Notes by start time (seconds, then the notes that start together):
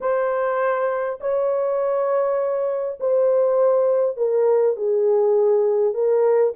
0.00 C5
1.20 C#5
2.99 C5
4.16 A#4
4.76 G#4
5.94 A#4